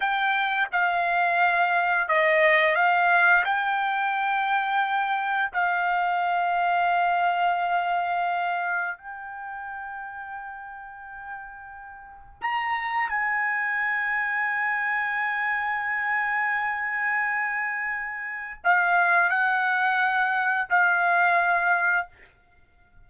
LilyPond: \new Staff \with { instrumentName = "trumpet" } { \time 4/4 \tempo 4 = 87 g''4 f''2 dis''4 | f''4 g''2. | f''1~ | f''4 g''2.~ |
g''2 ais''4 gis''4~ | gis''1~ | gis''2. f''4 | fis''2 f''2 | }